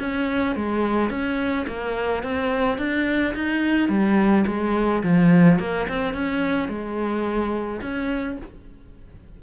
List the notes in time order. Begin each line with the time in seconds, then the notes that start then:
0.00 C#4
0.56 G#3
1.10 C#4
1.67 A#3
2.24 C4
2.78 D4
3.35 D#4
3.89 G3
4.47 G#3
5.04 F3
5.59 A#3
5.89 C4
6.14 C#4
6.69 G#3
7.82 C#4